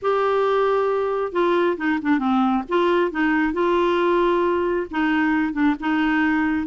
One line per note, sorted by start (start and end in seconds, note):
0.02 1.32 G4
1.32 1.77 F4
1.77 1.99 D#4
2.01 2.18 D4
2.18 2.63 C4
2.68 3.11 F4
3.11 3.53 D#4
3.53 4.86 F4
4.91 5.52 D#4
5.52 5.75 D4
5.79 6.66 D#4